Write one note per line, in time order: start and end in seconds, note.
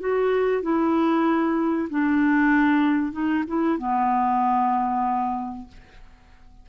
0.00 0.63 F#4
0.63 1.89 E4
1.90 3.12 D4
3.12 3.44 D#4
3.48 3.79 E4
3.79 5.68 B3